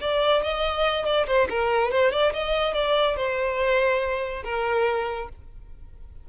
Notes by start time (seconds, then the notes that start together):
0.00 D5
0.42 D#5
1.05 D5
1.26 C5
1.49 A#4
1.91 C5
2.11 D5
2.33 D#5
2.74 D5
3.16 C5
4.44 A#4